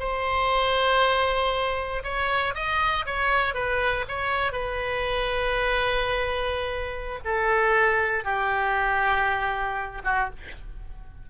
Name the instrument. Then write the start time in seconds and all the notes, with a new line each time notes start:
oboe
0.00 C5
2.04 C#5
2.55 D#5
3.06 C#5
3.55 B4
4.09 C#5
4.53 B4
7.25 A4
8.25 G4
10.05 F#4